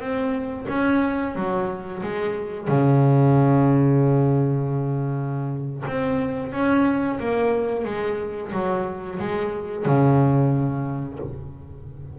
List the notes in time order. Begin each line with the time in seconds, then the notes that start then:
0.00 C4
0.69 C#4
1.36 F#3
2.03 G#3
2.68 C#3
5.87 C4
6.53 C#4
7.20 A#3
7.85 G#3
8.52 F#3
9.19 G#3
9.86 C#3